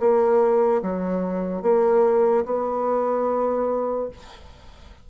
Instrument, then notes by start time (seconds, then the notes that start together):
bassoon
0.00 A#3
0.83 F#3
1.63 A#3
2.45 B3